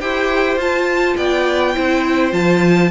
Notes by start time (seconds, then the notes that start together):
0.00 E4 G4 C5 G5
0.56 F4 A5
1.16 B3 D5 G5
1.74 C4 E4 C5
2.31 F3 F4 A5